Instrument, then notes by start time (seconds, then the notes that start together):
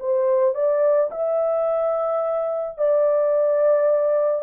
horn
0.00 C5
0.55 D5
1.12 E5
2.78 D5